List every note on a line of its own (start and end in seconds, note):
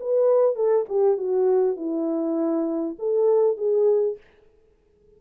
0.00 0.55 B4
0.55 0.85 A4
0.89 1.17 G4
1.17 1.76 F#4
1.76 2.96 E4
2.99 3.57 A4
3.57 4.17 G#4